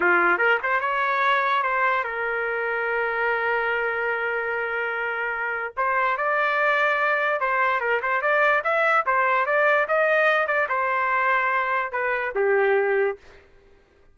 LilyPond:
\new Staff \with { instrumentName = "trumpet" } { \time 4/4 \tempo 4 = 146 f'4 ais'8 c''8 cis''2 | c''4 ais'2.~ | ais'1~ | ais'2 c''4 d''4~ |
d''2 c''4 ais'8 c''8 | d''4 e''4 c''4 d''4 | dis''4. d''8 c''2~ | c''4 b'4 g'2 | }